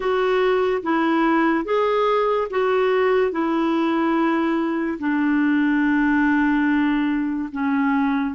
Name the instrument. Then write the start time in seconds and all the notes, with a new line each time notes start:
clarinet
0.00 F#4
0.82 E4
1.64 G#4
2.50 F#4
3.31 E4
4.98 D4
7.52 C#4